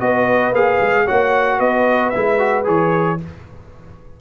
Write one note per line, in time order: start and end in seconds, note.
0.00 0.52 B3
0.00 0.54 F#4
0.00 1.05 B4
0.00 0.53 D#5
0.52 0.78 A#3
0.52 1.07 G#4
0.52 1.08 F5
0.81 1.07 G#3
1.05 1.59 A#3
1.05 2.13 F#4
1.05 1.58 C#5
1.05 1.60 F#5
1.58 2.12 B3
1.58 3.17 B4
1.58 2.10 D#5
2.10 2.67 G#3
2.10 2.39 E4
2.10 2.63 E5
2.39 2.64 F#4
2.64 3.20 E3
2.64 3.17 G#4
2.64 3.20 C#5